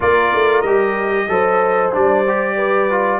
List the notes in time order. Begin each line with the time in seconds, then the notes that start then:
0.00 A#3 F4 A#4 D5
0.34 A3
0.61 G3 G4 D#5
1.28 F#3 A4 C5
1.92 G3 D4 D5
2.27 G4
2.56 B4
2.90 F4